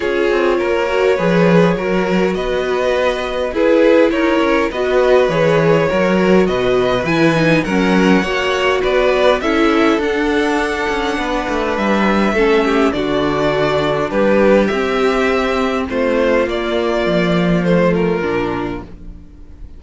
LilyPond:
<<
  \new Staff \with { instrumentName = "violin" } { \time 4/4 \tempo 4 = 102 cis''1 | dis''2 b'4 cis''4 | dis''4 cis''2 dis''4 | gis''4 fis''2 d''4 |
e''4 fis''2. | e''2 d''2 | b'4 e''2 c''4 | d''2 c''8 ais'4. | }
  \new Staff \with { instrumentName = "violin" } { \time 4/4 gis'4 ais'4 b'4 ais'4 | b'2 gis'4 ais'4 | b'2 ais'4 b'4~ | b'4 ais'4 cis''4 b'4 |
a'2. b'4~ | b'4 a'8 g'8 fis'2 | g'2. f'4~ | f'1 | }
  \new Staff \with { instrumentName = "viola" } { \time 4/4 f'4. fis'8 gis'4 fis'4~ | fis'2 e'2 | fis'4 gis'4 fis'2 | e'8 dis'8 cis'4 fis'2 |
e'4 d'2.~ | d'4 cis'4 d'2~ | d'4 c'2. | ais2 a4 d'4 | }
  \new Staff \with { instrumentName = "cello" } { \time 4/4 cis'8 c'8 ais4 f4 fis4 | b2 e'4 dis'8 cis'8 | b4 e4 fis4 b,4 | e4 fis4 ais4 b4 |
cis'4 d'4. cis'8 b8 a8 | g4 a4 d2 | g4 c'2 a4 | ais4 f2 ais,4 | }
>>